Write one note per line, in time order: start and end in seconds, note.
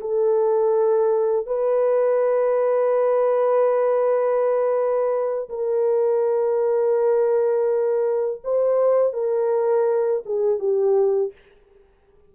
0.00 1.46 A4
1.46 5.48 B4
5.49 8.41 A#4
8.44 9.13 C5
9.13 10.23 A#4
10.25 10.59 G#4
10.59 11.32 G4